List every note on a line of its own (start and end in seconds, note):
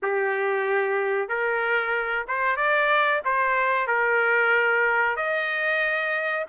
0.02 1.28 G4
1.28 2.25 A#4
2.27 2.56 C5
2.56 3.21 D5
3.25 3.87 C5
3.87 5.16 A#4
5.16 6.45 D#5